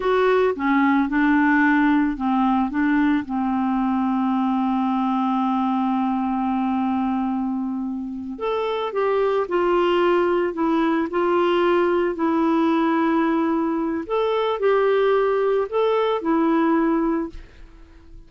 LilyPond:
\new Staff \with { instrumentName = "clarinet" } { \time 4/4 \tempo 4 = 111 fis'4 cis'4 d'2 | c'4 d'4 c'2~ | c'1~ | c'2.~ c'8 a'8~ |
a'8 g'4 f'2 e'8~ | e'8 f'2 e'4.~ | e'2 a'4 g'4~ | g'4 a'4 e'2 | }